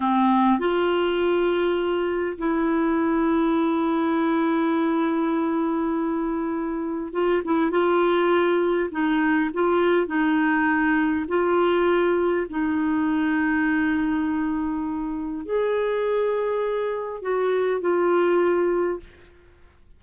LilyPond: \new Staff \with { instrumentName = "clarinet" } { \time 4/4 \tempo 4 = 101 c'4 f'2. | e'1~ | e'1 | f'8 e'8 f'2 dis'4 |
f'4 dis'2 f'4~ | f'4 dis'2.~ | dis'2 gis'2~ | gis'4 fis'4 f'2 | }